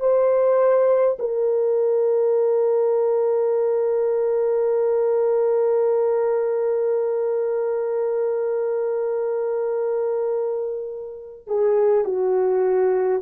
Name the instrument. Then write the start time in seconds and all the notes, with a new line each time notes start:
horn
0.00 C5
1.19 A#4
11.47 G#4
12.05 F#4